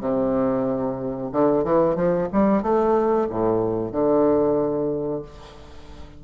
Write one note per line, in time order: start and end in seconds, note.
0.00 1.30 C3
1.32 1.64 D3
1.64 1.95 E3
1.95 2.28 F3
2.32 2.62 G3
2.62 3.27 A3
3.29 3.91 A2
3.91 5.22 D3